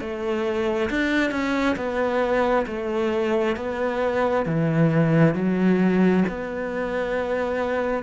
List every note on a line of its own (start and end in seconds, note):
0.00 0.90 A3
0.90 1.31 D4
1.31 1.76 C#4
1.76 2.65 B3
2.67 3.56 A3
3.56 4.46 B3
4.46 5.34 E3
5.34 6.24 F#3
6.28 8.03 B3